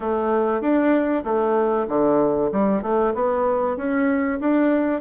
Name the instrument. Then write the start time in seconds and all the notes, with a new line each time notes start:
bassoon
0.00 A3
0.61 D4
1.24 A3
1.88 D3
2.52 G3
2.82 A3
3.14 B3
3.76 C#4
4.40 D4